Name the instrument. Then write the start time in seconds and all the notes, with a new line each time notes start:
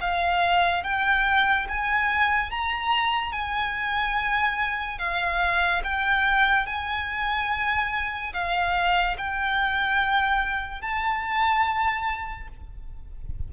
violin
0.00 F5
0.83 G5
1.68 G#5
2.50 A#5
3.31 G#5
4.98 F5
5.83 G5
6.66 G#5
8.33 F5
9.17 G5
10.81 A5